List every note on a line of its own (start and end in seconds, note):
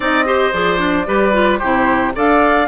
0.00 0.51 C4
0.00 0.25 D#4
0.00 0.24 D5
0.00 0.52 D#5
0.25 0.52 G4
0.25 1.07 C5
0.52 1.06 F3
0.52 0.77 G#4
0.52 1.58 D5
0.77 1.04 D4
1.05 1.60 G3
1.05 1.32 G4
1.05 1.59 B4
1.32 1.59 F4
1.58 2.16 C3
1.58 2.14 E4
1.58 2.12 G4
1.58 2.11 C5
2.14 2.68 D4
2.14 2.67 A4
2.14 2.68 D5
2.14 2.68 F5